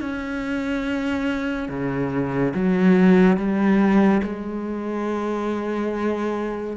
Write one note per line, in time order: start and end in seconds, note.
0.00 1.68 C#4
1.68 2.53 C#3
2.54 3.36 F#3
3.36 4.21 G3
4.23 6.76 G#3